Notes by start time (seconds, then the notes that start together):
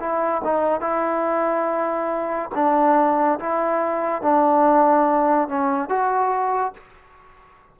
0.00 E4
0.45 D#4
0.81 E4
2.55 D4
3.40 E4
4.22 D4
5.49 C#4
5.89 F#4